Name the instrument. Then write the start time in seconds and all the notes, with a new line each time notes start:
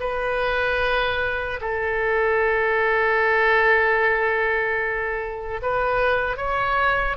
oboe
0.00 B4
1.61 A4
5.62 B4
6.37 C#5